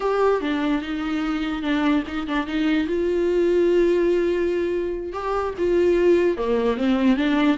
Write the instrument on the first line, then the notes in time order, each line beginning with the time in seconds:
viola
0.00 G4
0.41 D4
0.82 D#4
1.62 D4
2.07 D#4
2.27 D4
2.46 D#4
2.87 F4
5.12 G4
5.57 F4
6.37 A#3
6.77 C4
7.16 D4